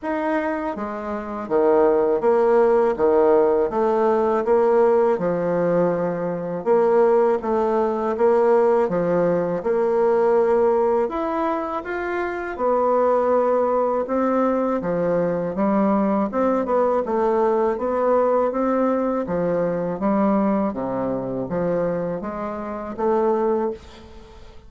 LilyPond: \new Staff \with { instrumentName = "bassoon" } { \time 4/4 \tempo 4 = 81 dis'4 gis4 dis4 ais4 | dis4 a4 ais4 f4~ | f4 ais4 a4 ais4 | f4 ais2 e'4 |
f'4 b2 c'4 | f4 g4 c'8 b8 a4 | b4 c'4 f4 g4 | c4 f4 gis4 a4 | }